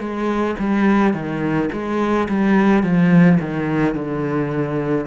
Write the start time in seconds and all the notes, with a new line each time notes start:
0.00 G#3
0.59 G3
1.14 D#3
1.73 G#3
2.29 G3
2.83 F3
3.40 D#3
3.95 D3